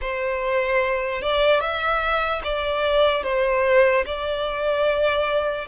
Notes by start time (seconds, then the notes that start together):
0.01 C5
1.21 D5
1.60 E5
2.43 D5
3.23 C5
4.05 D5